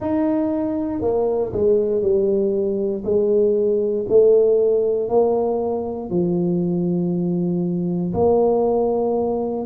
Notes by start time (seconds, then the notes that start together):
0.00 D#4
1.01 A#3
1.52 G#3
2.02 G3
3.04 G#3
4.08 A3
5.08 A#3
6.10 F3
8.14 A#3